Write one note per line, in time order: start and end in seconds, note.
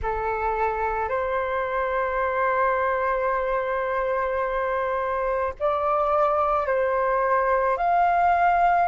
0.02 1.09 A4
1.09 5.53 C5
5.59 6.66 D5
6.66 7.77 C5
7.77 8.88 F5